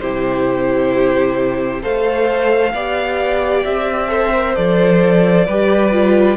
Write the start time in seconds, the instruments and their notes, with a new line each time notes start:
0.00 cello C3, viola E4, violin G4 C5
1.82 cello A3, viola A4, violin C5 F5
2.73 cello B3, viola G4, violin D5
3.64 cello C4, violin E5
4.08 viola A4, violin C5
4.33 viola A#4
4.55 cello F3, viola A4, violin D5
5.46 cello G3, viola G4, violin B4
5.91 viola F4